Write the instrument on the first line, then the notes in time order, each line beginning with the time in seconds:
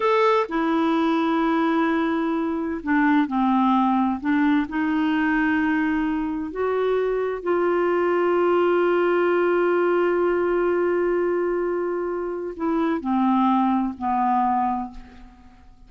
clarinet
0.00 A4
0.48 E4
2.83 D4
3.27 C4
4.20 D4
4.68 D#4
6.51 F#4
7.42 F4
12.56 E4
13.00 C4
13.97 B3